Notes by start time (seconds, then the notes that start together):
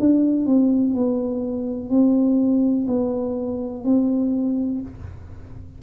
0.00 D4
0.47 C4
0.95 B3
1.90 C4
2.88 B3
3.85 C4